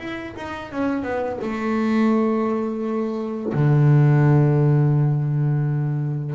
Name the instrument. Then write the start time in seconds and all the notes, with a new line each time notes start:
double bass
0.00 E4
0.37 D#4
0.72 C#4
1.03 B3
1.42 A3
3.54 D3